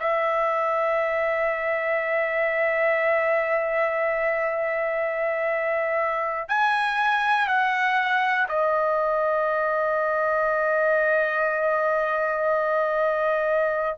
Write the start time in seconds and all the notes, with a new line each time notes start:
0.00 E5
6.49 G#5
7.47 F#5
8.49 D#5